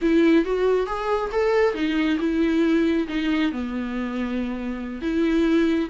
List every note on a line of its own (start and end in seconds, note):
0.01 0.44 E4
0.44 0.86 F#4
0.86 1.30 G#4
1.32 1.74 A4
1.74 2.18 D#4
2.19 3.07 E4
3.08 3.52 D#4
3.52 5.01 B3
5.01 5.89 E4